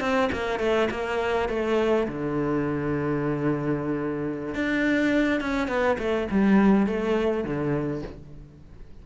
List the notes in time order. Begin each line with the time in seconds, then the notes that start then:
0.00 C4
0.32 A#3
0.59 A3
0.91 A#3
1.49 A3
2.08 D3
4.54 D4
5.40 C#4
5.68 B3
5.99 A3
6.31 G3
6.86 A3
7.44 D3